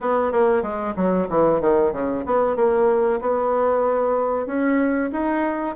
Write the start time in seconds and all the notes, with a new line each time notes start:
0.00 B3
0.32 A#3
0.62 G#3
0.95 F#3
1.29 E3
1.60 D#3
1.92 C#3
2.25 B3
2.56 A#3
3.20 B3
4.46 C#4
5.12 D#4